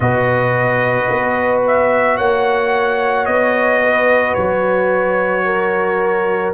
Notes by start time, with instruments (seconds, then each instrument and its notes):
0.00 tuba B2, trombone F#4, horn B4, trumpet D#5
1.09 tuba B3
1.67 trumpet E5
2.17 tuba A#3, horn C#5, trumpet F#5
3.25 tuba B3, trumpet D#5
3.82 horn B4
4.34 tuba F#3, trumpet C#5
5.45 horn A#4